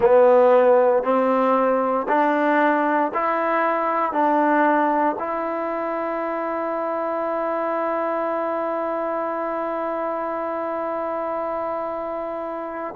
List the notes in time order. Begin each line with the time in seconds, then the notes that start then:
0.00 B3
1.03 C4
2.08 D4
3.14 E4
4.12 D4
5.19 E4